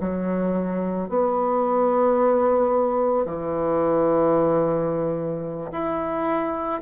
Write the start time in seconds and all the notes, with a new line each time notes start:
0.00 F#3
1.09 B3
3.26 E3
5.72 E4